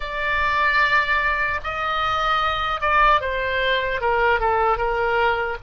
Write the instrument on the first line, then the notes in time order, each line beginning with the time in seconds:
oboe
0.00 D5
1.63 D#5
2.80 D5
3.20 C5
4.00 A#4
4.40 A4
4.77 A#4